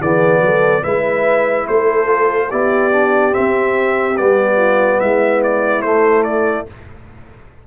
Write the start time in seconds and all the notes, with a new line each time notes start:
0.00 E3 B3 G#4 D5
0.41 F#3 A4
0.83 G#3 E4 B4 E5
1.68 A3 A4 C5
2.07 F4
2.49 B3 E4 G4 D5
2.92 D4
3.32 C4 E5
4.17 G3 B3 D5
4.57 F4
5.00 G#3 E4 E5
5.44 D5
5.82 A3 C5
6.24 D5